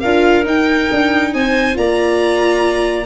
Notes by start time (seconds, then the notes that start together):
0.00 D4 F4 A#4 F5
0.44 D#4 G5
0.91 D4
1.33 C4 C5 G#5
1.74 A#3 F4 D5 A#5